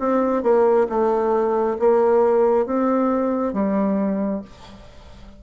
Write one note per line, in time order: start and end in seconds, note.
0.00 0.43 C4
0.43 0.87 A#3
0.89 1.78 A3
1.80 2.66 A#3
2.66 3.54 C4
3.54 4.42 G3